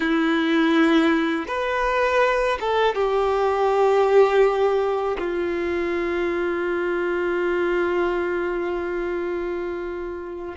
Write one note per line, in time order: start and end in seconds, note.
0.00 1.45 E4
1.47 2.58 B4
2.60 2.95 A4
2.95 5.17 G4
5.18 10.55 F4